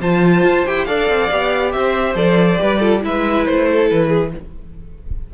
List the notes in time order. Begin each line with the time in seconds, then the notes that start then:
0.00 F3 F4 C5 A5
0.43 F4
0.66 E4 G4 G5
0.85 D4 A4 D5 F5
1.09 C4
1.31 B3 G4
1.72 C4 C5 E5
2.14 F3 A4 D5
2.56 G3 G4 B4
2.79 F4 A4
3.01 G#3 E4 B4 E5
3.45 A3 C5
3.69 A4
3.90 E3 B4
4.08 G#4